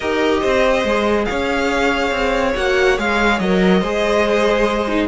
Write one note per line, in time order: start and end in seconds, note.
0.00 0.43 D#4
0.00 0.86 G4
0.00 0.39 A#4
0.00 1.25 D#5
0.40 0.83 C4
0.40 1.26 C5
0.83 1.26 G#3
0.83 2.56 G#4
1.25 2.11 C#4
1.25 3.80 C#5
1.25 2.53 F5
2.11 2.53 C4
2.55 2.98 A#3
2.55 2.97 F#4
2.55 2.98 F#5
2.97 3.39 G#3
2.97 3.40 G#4
2.97 3.39 F5
3.39 3.81 F#3
3.39 3.83 A#4
3.39 5.07 D#5
3.80 5.07 G#3
3.80 4.88 G#4
3.80 5.07 C5
4.88 5.07 D#4